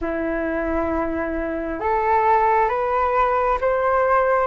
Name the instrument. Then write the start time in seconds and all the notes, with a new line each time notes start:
flute
0.01 E4
1.80 A4
2.69 B4
3.61 C5